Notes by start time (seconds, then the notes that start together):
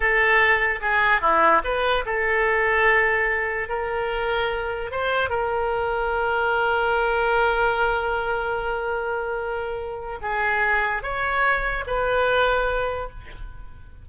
0.00 A4
0.81 G#4
1.21 E4
1.63 B4
2.05 A4
3.68 A#4
4.91 C5
5.29 A#4
10.21 G#4
11.02 C#5
11.86 B4